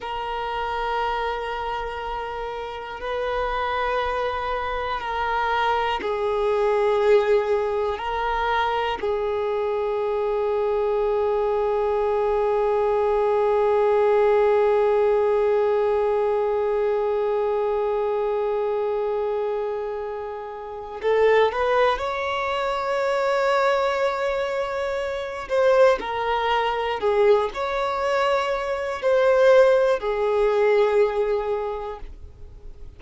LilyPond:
\new Staff \with { instrumentName = "violin" } { \time 4/4 \tempo 4 = 60 ais'2. b'4~ | b'4 ais'4 gis'2 | ais'4 gis'2.~ | gis'1~ |
gis'1~ | gis'4 a'8 b'8 cis''2~ | cis''4. c''8 ais'4 gis'8 cis''8~ | cis''4 c''4 gis'2 | }